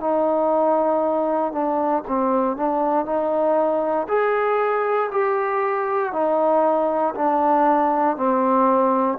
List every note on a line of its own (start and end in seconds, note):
0.00 1.52 D#4
1.52 2.03 D4
2.08 2.57 C4
2.57 3.06 D4
3.06 4.07 D#4
4.09 5.10 G#4
5.11 6.12 G4
6.12 7.14 D#4
7.15 8.17 D4
8.17 9.18 C4